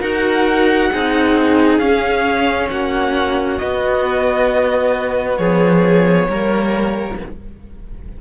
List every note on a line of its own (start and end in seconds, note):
0.00 0.90 D#4
0.00 0.90 F#4
0.00 0.90 A#4
0.00 1.78 F#5
0.91 1.78 C4
0.91 1.80 D#4
0.91 2.71 G#4
1.78 2.67 C#4
1.78 3.59 C#4
1.78 2.68 F5
2.70 3.59 A#3
2.70 5.38 F#4
2.70 3.58 F#5
3.58 5.38 B3
3.58 6.31 B3
3.58 5.37 D#5
5.37 6.27 F3
5.37 6.27 G#4
5.37 7.16 C#5
6.28 7.17 G3
6.28 7.21 A#3
6.28 7.18 A#4